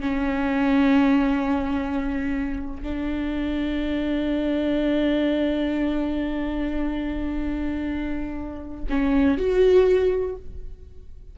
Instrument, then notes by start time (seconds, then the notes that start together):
viola
0.00 C#4
2.82 D4
8.89 C#4
9.38 F#4